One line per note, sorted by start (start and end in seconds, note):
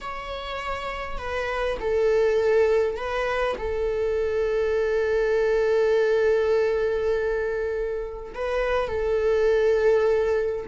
0.01 1.18 C#5
1.18 1.77 B4
1.80 2.96 A4
2.96 3.56 B4
3.58 8.33 A4
8.34 8.88 B4
8.88 10.66 A4